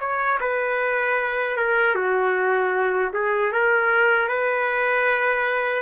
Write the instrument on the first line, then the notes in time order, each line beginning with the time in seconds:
trumpet
0.00 C#5
0.41 B4
1.57 A#4
1.96 F#4
3.13 G#4
3.52 A#4
4.29 B4